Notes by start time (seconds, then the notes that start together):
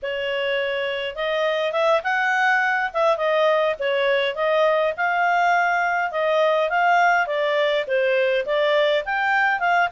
0.02 C#5
1.15 D#5
1.72 E5
2.03 F#5
2.93 E5
3.17 D#5
3.79 C#5
4.35 D#5
4.96 F5
6.11 D#5
6.69 F5
7.27 D5
7.87 C5
8.45 D5
9.05 G5
9.59 F5